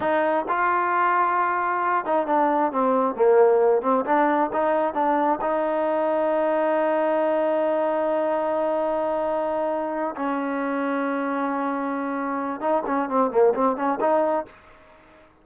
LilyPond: \new Staff \with { instrumentName = "trombone" } { \time 4/4 \tempo 4 = 133 dis'4 f'2.~ | f'8 dis'8 d'4 c'4 ais4~ | ais8 c'8 d'4 dis'4 d'4 | dis'1~ |
dis'1~ | dis'2~ dis'8 cis'4.~ | cis'1 | dis'8 cis'8 c'8 ais8 c'8 cis'8 dis'4 | }